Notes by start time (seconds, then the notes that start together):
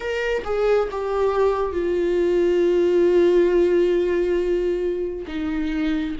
0.00 A#4
0.44 G#4
0.91 G4
1.72 F4
5.27 D#4